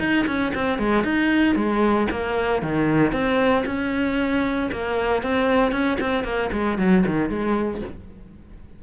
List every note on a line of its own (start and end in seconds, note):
0.00 0.26 D#4
0.27 0.53 C#4
0.55 0.79 C4
0.79 1.04 G#3
1.04 1.56 D#4
1.56 2.08 G#3
2.11 2.63 A#3
2.63 3.12 D#3
3.12 3.65 C4
3.66 4.70 C#4
4.72 5.23 A#3
5.23 5.72 C4
5.72 5.98 C#4
6.00 6.24 C4
6.24 6.50 A#3
6.53 6.79 G#3
6.79 7.05 F#3
7.06 7.30 D#3
7.30 7.82 G#3